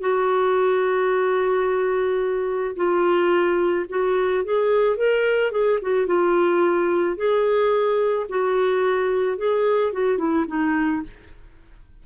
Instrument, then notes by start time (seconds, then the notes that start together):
clarinet
0.00 F#4
2.76 F4
3.89 F#4
4.44 G#4
4.97 A#4
5.51 G#4
5.81 F#4
6.06 F4
7.16 G#4
8.29 F#4
9.37 G#4
9.93 F#4
10.18 E4
10.47 D#4